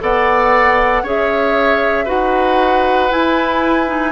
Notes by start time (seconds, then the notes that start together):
0.00 B3 A4 D5 F#5
1.02 C#4 G#4 C#5 E5
2.04 D#4 F#4 B4 F#5
3.09 E4 G#5
3.87 D#4